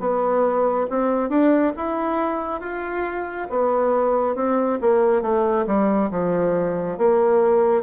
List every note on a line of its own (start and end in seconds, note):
0.00 0.87 B3
0.91 1.30 C4
1.30 1.73 D4
1.77 2.61 E4
2.61 3.48 F4
3.50 4.36 B3
4.36 4.79 C4
4.81 5.23 A#3
5.23 5.66 A3
5.67 6.11 G3
6.11 6.98 F3
6.98 7.83 A#3